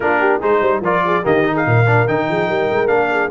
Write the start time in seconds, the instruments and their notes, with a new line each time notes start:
0.00 tuba A#3, trombone D4, horn F4, trumpet A#4
0.19 horn G4
0.39 tuba G#3, trombone D#4, horn G#4, trumpet C5
0.60 tuba G3, horn C5
0.80 tuba F3, trombone F4, horn A#4, trumpet D5
1.04 horn G#4
1.23 tuba D#3, trombone A#3, horn G4, trumpet D#5
1.44 trombone D#4
1.53 horn G#4, trumpet F5
1.66 tuba A#2, horn A#4
1.86 trombone D4
2.07 tuba D#3, trombone D#4, trumpet G5
2.29 tuba F3, horn G#4
2.46 tuba G3, horn A#4
2.70 tuba G#3
2.87 tuba A#3, trombone D4, trumpet F5
3.11 horn G#4